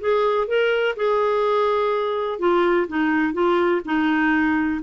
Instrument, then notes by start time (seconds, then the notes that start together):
clarinet
0.00 G#4
0.47 A#4
0.96 G#4
2.39 F4
2.88 D#4
3.33 F4
3.85 D#4